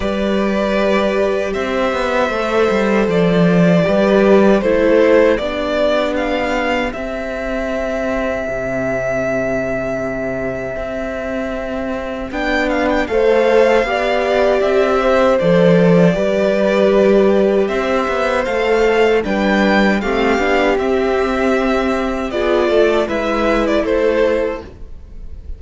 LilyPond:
<<
  \new Staff \with { instrumentName = "violin" } { \time 4/4 \tempo 4 = 78 d''2 e''2 | d''2 c''4 d''4 | f''4 e''2.~ | e''1 |
g''8 f''16 g''16 f''2 e''4 | d''2. e''4 | f''4 g''4 f''4 e''4~ | e''4 d''4 e''8. d''16 c''4 | }
  \new Staff \with { instrumentName = "violin" } { \time 4/4 b'2 c''2~ | c''4 b'4 a'4 g'4~ | g'1~ | g'1~ |
g'4 c''4 d''4. c''8~ | c''4 b'2 c''4~ | c''4 b'4 g'2~ | g'4 gis'8 a'8 b'4 a'4 | }
  \new Staff \with { instrumentName = "viola" } { \time 4/4 g'2. a'4~ | a'4 g'4 e'4 d'4~ | d'4 c'2.~ | c'1 |
d'4 a'4 g'2 | a'4 g'2. | a'4 d'4 c'8 d'8 c'4~ | c'4 f'4 e'2 | }
  \new Staff \with { instrumentName = "cello" } { \time 4/4 g2 c'8 b8 a8 g8 | f4 g4 a4 b4~ | b4 c'2 c4~ | c2 c'2 |
b4 a4 b4 c'4 | f4 g2 c'8 b8 | a4 g4 a8 b8 c'4~ | c'4 b8 a8 gis4 a4 | }
>>